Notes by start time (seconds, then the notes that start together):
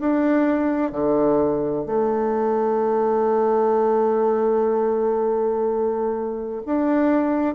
0.00 D4
0.92 D3
1.86 A3
6.65 D4